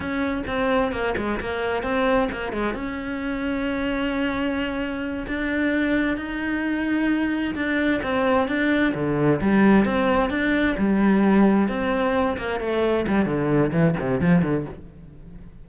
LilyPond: \new Staff \with { instrumentName = "cello" } { \time 4/4 \tempo 4 = 131 cis'4 c'4 ais8 gis8 ais4 | c'4 ais8 gis8 cis'2~ | cis'2.~ cis'8 d'8~ | d'4. dis'2~ dis'8~ |
dis'8 d'4 c'4 d'4 d8~ | d8 g4 c'4 d'4 g8~ | g4. c'4. ais8 a8~ | a8 g8 d4 e8 c8 f8 d8 | }